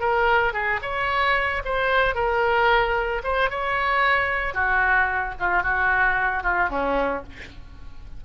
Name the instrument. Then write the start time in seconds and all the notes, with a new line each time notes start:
oboe
0.00 A#4
0.53 G#4
0.82 C#5
1.64 C5
2.15 A#4
3.23 C5
3.50 C#5
4.54 F#4
5.39 F4
5.62 F#4
6.43 F4
6.69 C#4